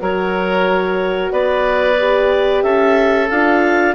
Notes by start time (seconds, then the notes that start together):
0.00 F#3 F#4 A#4 C#5
1.31 B3 B4 D5
1.98 G4
2.62 C#4 A4 E5
3.29 D4 F4 F5